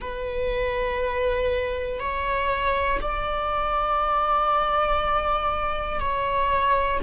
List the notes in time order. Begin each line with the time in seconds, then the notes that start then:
0.00 B4
2.00 C#5
3.01 D5
6.00 C#5